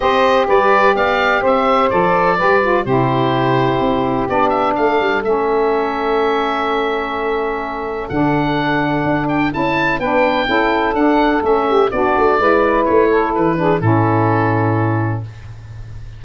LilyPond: <<
  \new Staff \with { instrumentName = "oboe" } { \time 4/4 \tempo 4 = 126 dis''4 d''4 f''4 e''4 | d''2 c''2~ | c''4 d''8 e''8 f''4 e''4~ | e''1~ |
e''4 fis''2~ fis''8 g''8 | a''4 g''2 fis''4 | e''4 d''2 cis''4 | b'4 a'2. | }
  \new Staff \with { instrumentName = "saxophone" } { \time 4/4 c''4 b'4 d''4 c''4~ | c''4 b'4 g'2~ | g'2 a'2~ | a'1~ |
a'1~ | a'4 b'4 a'2~ | a'8 g'8 fis'4 b'4. a'8~ | a'8 gis'8 e'2. | }
  \new Staff \with { instrumentName = "saxophone" } { \time 4/4 g'1 | a'4 g'8 f'8 e'2~ | e'4 d'2 cis'4~ | cis'1~ |
cis'4 d'2. | e'4 d'4 e'4 d'4 | cis'4 d'4 e'2~ | e'8 d'8 cis'2. | }
  \new Staff \with { instrumentName = "tuba" } { \time 4/4 c'4 g4 b4 c'4 | f4 g4 c2 | c'4 b4 a8 g8 a4~ | a1~ |
a4 d2 d'4 | cis'4 b4 cis'4 d'4 | a4 b8 a8 gis4 a4 | e4 a,2. | }
>>